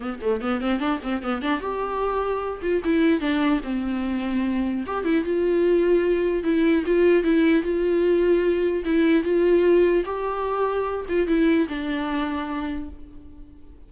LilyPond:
\new Staff \with { instrumentName = "viola" } { \time 4/4 \tempo 4 = 149 b8 a8 b8 c'8 d'8 c'8 b8 d'8 | g'2~ g'8 f'8 e'4 | d'4 c'2. | g'8 e'8 f'2. |
e'4 f'4 e'4 f'4~ | f'2 e'4 f'4~ | f'4 g'2~ g'8 f'8 | e'4 d'2. | }